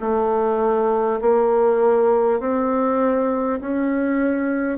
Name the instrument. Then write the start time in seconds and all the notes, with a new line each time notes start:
bassoon
0.00 A3
1.21 A#3
2.40 C4
3.61 C#4